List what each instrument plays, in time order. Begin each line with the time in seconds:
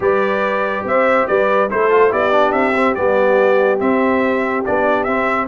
0.00 tuba G3, trombone G4, horn B4, trumpet D5
0.83 tuba C4, horn C5, trumpet E5
1.27 tuba G3, horn B4, trumpet D5
1.69 tuba A3, trombone E4, horn A4, trumpet C5
1.90 trombone F4
2.10 tuba B3, trombone E4, horn G4, trumpet D5
2.30 trombone D4
2.52 tuba C4, trumpet E5
2.75 trombone C4
2.94 tuba G3, trombone B3, trumpet D5
3.79 trombone C4, tuba C4, trumpet E5
4.65 tuba B3, trombone D4, trumpet D5
5.03 tuba C4, trombone C4, trumpet E5